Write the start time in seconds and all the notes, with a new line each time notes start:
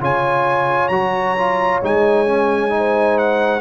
0.00 C#3 F4 C#5 G#5
0.89 F#3 F#4 A#5
1.38 F4
1.83 G#3 D#4 G#5
2.27 C#4
2.70 D#4
2.78 C5
3.18 F#5